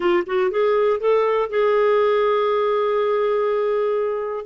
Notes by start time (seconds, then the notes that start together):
0.00 F4
0.26 F#4
0.50 G#4
1.00 A4
1.49 G#4